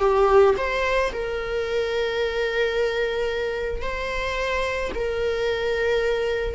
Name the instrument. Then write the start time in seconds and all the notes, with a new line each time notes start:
viola
0.00 G4
0.57 C5
1.13 A#4
3.82 C5
4.95 A#4